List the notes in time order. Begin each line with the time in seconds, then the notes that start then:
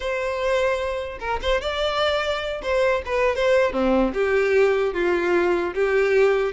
0.00 C5
1.19 A#4
1.41 C5
1.61 D5
2.62 C5
3.05 B4
3.35 C5
3.72 C4
4.13 G4
4.93 F4
5.74 G4